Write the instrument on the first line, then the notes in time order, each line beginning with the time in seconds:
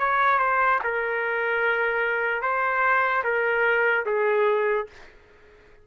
trumpet
0.00 C#5
0.39 C5
0.84 A#4
2.43 C5
3.24 A#4
4.06 G#4